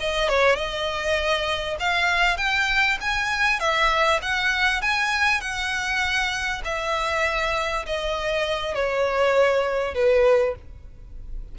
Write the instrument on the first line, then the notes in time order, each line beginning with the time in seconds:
violin
0.00 D#5
0.29 C#5
0.56 D#5
1.80 F5
2.37 G5
3.01 G#5
3.60 E5
4.22 F#5
4.82 G#5
5.41 F#5
6.64 E5
7.86 D#5
8.74 C#5
9.94 B4